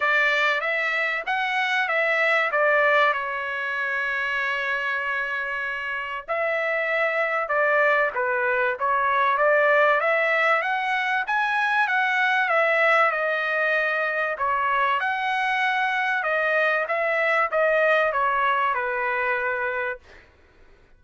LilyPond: \new Staff \with { instrumentName = "trumpet" } { \time 4/4 \tempo 4 = 96 d''4 e''4 fis''4 e''4 | d''4 cis''2.~ | cis''2 e''2 | d''4 b'4 cis''4 d''4 |
e''4 fis''4 gis''4 fis''4 | e''4 dis''2 cis''4 | fis''2 dis''4 e''4 | dis''4 cis''4 b'2 | }